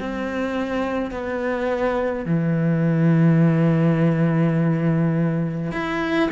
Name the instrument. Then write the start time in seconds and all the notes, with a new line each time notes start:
cello
0.00 C4
1.11 B3
2.26 E3
5.72 E4